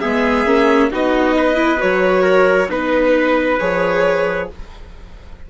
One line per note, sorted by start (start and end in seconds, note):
0.00 0.46 G#3
0.00 0.45 B3
0.00 0.90 G#4
0.00 0.90 E5
0.45 0.90 A#3
0.45 0.90 C#4
0.90 1.82 B3
0.90 1.55 D#4
0.90 1.36 F#4
0.90 1.81 D#5
1.37 2.21 B4
1.55 1.77 E4
1.78 2.68 F#3
1.78 2.68 F#4
1.78 2.71 C#5
2.21 2.66 A#4
2.68 3.58 B3
2.68 3.58 D#4
2.68 4.49 B4
2.68 3.59 B4
3.59 4.50 F3
3.59 4.49 G#4
3.59 4.48 C#5